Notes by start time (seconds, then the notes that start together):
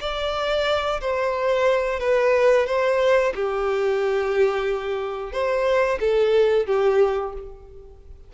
0.00 D5
1.00 C5
1.99 B4
2.66 C5
3.35 G4
5.32 C5
6.00 A4
6.66 G4